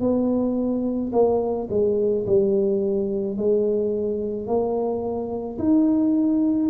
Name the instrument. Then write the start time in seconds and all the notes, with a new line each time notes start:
tuba
0.00 B3
1.12 A#3
1.70 G#3
2.26 G3
3.37 G#3
4.47 A#3
5.58 D#4